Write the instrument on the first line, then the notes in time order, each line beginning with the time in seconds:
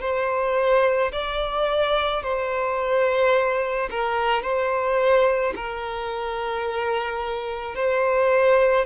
violin
0.00 C5
1.12 D5
2.22 C5
3.90 A#4
4.42 C5
5.56 A#4
7.75 C5